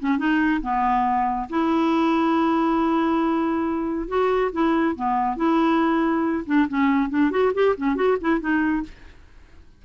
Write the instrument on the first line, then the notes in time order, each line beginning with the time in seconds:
clarinet
0.00 C#4
0.18 D#4
0.62 B3
1.50 E4
4.08 F#4
4.53 E4
4.96 B3
5.36 E4
6.46 D4
6.69 C#4
7.10 D4
7.31 F#4
7.54 G4
7.77 C#4
7.96 F#4
8.21 E4
8.40 D#4